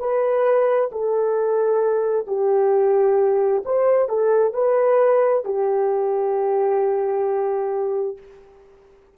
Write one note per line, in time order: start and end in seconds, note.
0.00 0.91 B4
0.92 2.27 A4
2.27 3.64 G4
3.66 4.09 C5
4.09 4.54 A4
4.54 5.45 B4
5.45 8.18 G4